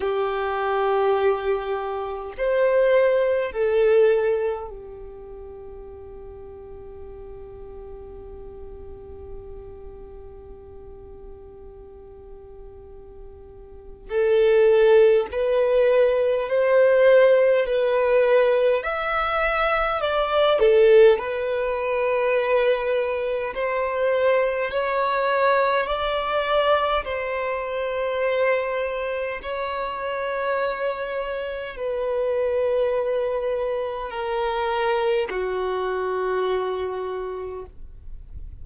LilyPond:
\new Staff \with { instrumentName = "violin" } { \time 4/4 \tempo 4 = 51 g'2 c''4 a'4 | g'1~ | g'1 | a'4 b'4 c''4 b'4 |
e''4 d''8 a'8 b'2 | c''4 cis''4 d''4 c''4~ | c''4 cis''2 b'4~ | b'4 ais'4 fis'2 | }